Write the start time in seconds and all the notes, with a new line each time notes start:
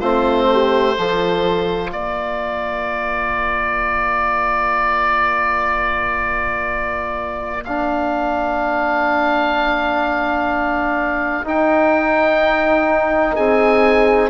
0.00 A3 C4 F4 C5
0.52 G4
0.95 F3 F4 A4
1.92 A#3 A#4 D5
7.64 D4 F5
11.44 D#4 G5
13.36 C4 G#4 G#5